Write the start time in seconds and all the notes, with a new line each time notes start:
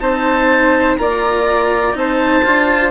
0.00 C4 D#4 C5 A5
0.97 A#3 F4 D5 A#5
1.93 C4 D#4 C5 A5
2.45 D4 F4